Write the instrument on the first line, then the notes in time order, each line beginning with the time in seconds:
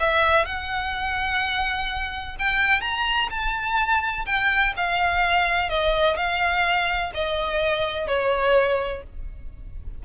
violin
0.00 E5
0.45 F#5
2.39 G5
2.81 A#5
3.30 A5
4.26 G5
4.77 F5
5.70 D#5
6.16 F5
7.14 D#5
8.08 C#5